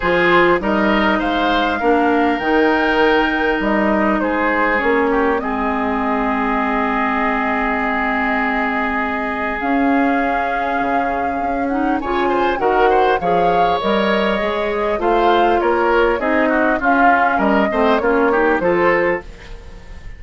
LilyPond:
<<
  \new Staff \with { instrumentName = "flute" } { \time 4/4 \tempo 4 = 100 c''4 dis''4 f''2 | g''2 dis''4 c''4 | cis''4 dis''2.~ | dis''1 |
f''2.~ f''8 fis''8 | gis''4 fis''4 f''4 dis''4~ | dis''4 f''4 cis''4 dis''4 | f''4 dis''4 cis''4 c''4 | }
  \new Staff \with { instrumentName = "oboe" } { \time 4/4 gis'4 ais'4 c''4 ais'4~ | ais'2. gis'4~ | gis'8 g'8 gis'2.~ | gis'1~ |
gis'1 | cis''8 c''8 ais'8 c''8 cis''2~ | cis''4 c''4 ais'4 gis'8 fis'8 | f'4 ais'8 c''8 f'8 g'8 a'4 | }
  \new Staff \with { instrumentName = "clarinet" } { \time 4/4 f'4 dis'2 d'4 | dis'1 | cis'4 c'2.~ | c'1 |
cis'2.~ cis'8 dis'8 | f'4 fis'4 gis'4 ais'4 | gis'4 f'2 dis'4 | cis'4. c'8 cis'8 dis'8 f'4 | }
  \new Staff \with { instrumentName = "bassoon" } { \time 4/4 f4 g4 gis4 ais4 | dis2 g4 gis4 | ais4 gis2.~ | gis1 |
cis'2 cis4 cis'4 | cis4 dis4 f4 g4 | gis4 a4 ais4 c'4 | cis'4 g8 a8 ais4 f4 | }
>>